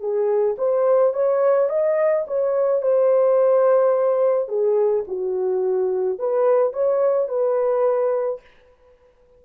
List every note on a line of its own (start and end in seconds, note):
0.00 0.56 G#4
0.58 1.14 C5
1.14 1.69 C#5
1.69 2.25 D#5
2.27 2.82 C#5
2.82 4.49 C5
4.49 5.05 G#4
5.08 6.19 F#4
6.19 6.73 B4
6.73 7.29 C#5
7.29 8.41 B4